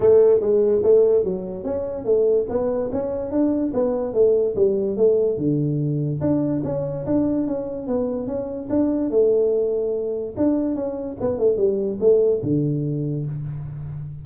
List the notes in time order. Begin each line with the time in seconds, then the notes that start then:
0.00 A3
0.40 G#3
0.83 A3
1.24 F#3
1.64 C#4
2.04 A3
2.49 B3
2.92 C#4
3.31 D4
3.73 B3
4.13 A3
4.55 G3
4.96 A3
5.37 D3
6.20 D4
6.64 C#4
7.06 D4
7.47 C#4
7.87 B3
8.27 C#4
8.69 D4
9.10 A3
10.36 D4
10.75 C#4
11.20 B3
11.38 A3
11.57 G3
12.00 A3
12.43 D3